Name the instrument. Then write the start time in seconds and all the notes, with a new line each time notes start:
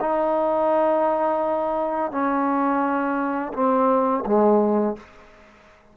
trombone
0.00 D#4
2.11 C#4
3.53 C4
4.26 G#3